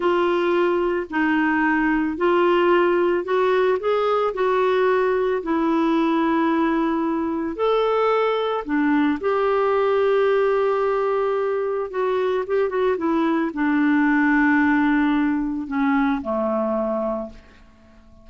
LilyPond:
\new Staff \with { instrumentName = "clarinet" } { \time 4/4 \tempo 4 = 111 f'2 dis'2 | f'2 fis'4 gis'4 | fis'2 e'2~ | e'2 a'2 |
d'4 g'2.~ | g'2 fis'4 g'8 fis'8 | e'4 d'2.~ | d'4 cis'4 a2 | }